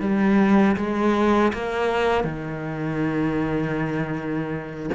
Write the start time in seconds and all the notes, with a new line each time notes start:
0.00 G3
0.76 G#3
1.53 A#3
2.24 D#3